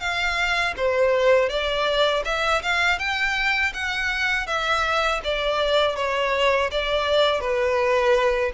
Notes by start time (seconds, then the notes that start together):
0.00 F5
0.77 C5
1.49 D5
2.25 E5
2.63 F5
2.99 G5
3.74 F#5
4.47 E5
5.24 D5
5.96 C#5
6.71 D5
7.41 B4